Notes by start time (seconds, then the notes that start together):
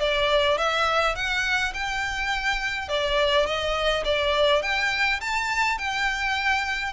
0.00 D5
0.58 E5
1.16 F#5
1.74 G5
2.88 D5
3.46 D#5
4.05 D5
4.63 G5
5.21 A5
5.78 G5